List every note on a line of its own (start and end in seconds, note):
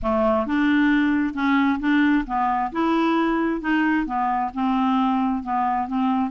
0.02 0.46 A3
0.46 1.33 D4
1.33 1.79 C#4
1.79 2.24 D4
2.26 2.71 B3
2.71 3.60 E4
3.60 4.05 D#4
4.05 4.51 B3
4.54 5.43 C4
5.43 5.87 B3
5.87 6.30 C4